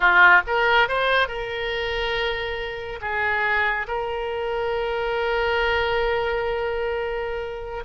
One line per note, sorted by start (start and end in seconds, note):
0.00 0.41 F4
0.47 0.88 A#4
0.88 1.28 C5
1.28 2.99 A#4
3.01 3.86 G#4
3.87 7.84 A#4